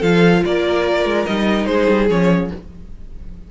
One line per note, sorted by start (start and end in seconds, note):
0.00 0.43 F3
0.00 1.27 F4
0.00 0.41 A4
0.00 0.44 F5
0.45 1.05 A#3
0.45 1.69 A#4
0.45 1.26 D5
1.05 1.26 G#3
1.26 1.67 G3
1.26 2.09 D#4
1.26 1.66 D#5
1.66 1.87 G#3
1.66 2.51 G#4
1.66 2.07 C5
1.89 2.10 G3
2.10 2.51 F3
2.10 2.51 C#4
2.10 2.51 C#5